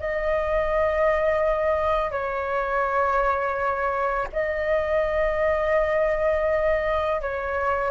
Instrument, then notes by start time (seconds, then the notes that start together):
flute
0.00 D#5
2.12 C#5
4.33 D#5
7.22 C#5